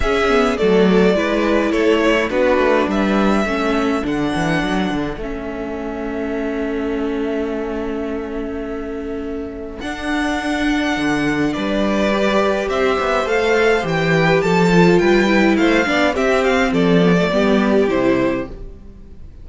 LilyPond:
<<
  \new Staff \with { instrumentName = "violin" } { \time 4/4 \tempo 4 = 104 e''4 d''2 cis''4 | b'4 e''2 fis''4~ | fis''4 e''2.~ | e''1~ |
e''4 fis''2. | d''2 e''4 f''4 | g''4 a''4 g''4 f''4 | e''8 f''8 d''2 c''4 | }
  \new Staff \with { instrumentName = "violin" } { \time 4/4 gis'4 a'4 b'4 a'8 e'8 | fis'4 b'4 a'2~ | a'1~ | a'1~ |
a'1 | b'2 c''2~ | c''8 b'8 a'4 b'4 c''8 d''8 | g'4 a'4 g'2 | }
  \new Staff \with { instrumentName = "viola" } { \time 4/4 cis'8 b8 a4 e'2 | d'2 cis'4 d'4~ | d'4 cis'2.~ | cis'1~ |
cis'4 d'2.~ | d'4 g'2 a'4 | g'4. f'4 e'4 d'8 | c'4. b16 a16 b4 e'4 | }
  \new Staff \with { instrumentName = "cello" } { \time 4/4 cis'4 fis4 gis4 a4 | b8 a8 g4 a4 d8 e8 | fis8 d8 a2.~ | a1~ |
a4 d'2 d4 | g2 c'8 b8 a4 | e4 f4 g4 a8 b8 | c'4 f4 g4 c4 | }
>>